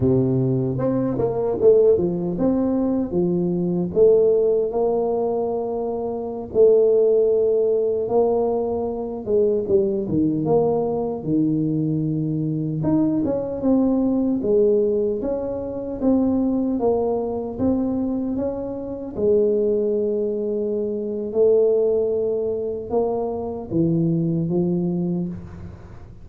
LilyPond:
\new Staff \with { instrumentName = "tuba" } { \time 4/4 \tempo 4 = 76 c4 c'8 ais8 a8 f8 c'4 | f4 a4 ais2~ | ais16 a2 ais4. gis16~ | gis16 g8 dis8 ais4 dis4.~ dis16~ |
dis16 dis'8 cis'8 c'4 gis4 cis'8.~ | cis'16 c'4 ais4 c'4 cis'8.~ | cis'16 gis2~ gis8. a4~ | a4 ais4 e4 f4 | }